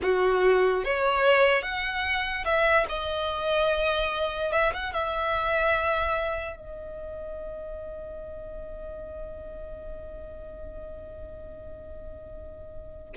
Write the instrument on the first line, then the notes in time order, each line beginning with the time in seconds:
violin
0.02 F#4
0.84 C#5
1.62 F#5
2.44 E5
2.88 D#5
4.52 E5
4.73 F#5
4.93 E5
6.56 D#5